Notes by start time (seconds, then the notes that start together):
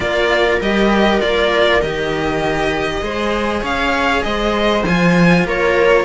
0.00 A#3 F4 A#4 D5
0.60 G3 G4 D#5
1.20 A#3 F4 D5
1.81 D#3 G4 D#5
3.01 G#3 G#4 C5
3.61 C#4 C#5 F5
4.22 G#3 C5 D#5
4.83 F3 F4 G#5
5.44 A#3 A#4 C#5